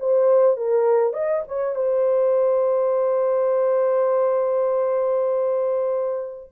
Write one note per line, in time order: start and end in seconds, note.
0.00 0.57 C5
0.57 1.13 A#4
1.13 1.43 D#5
1.48 1.76 C#5
1.76 6.51 C5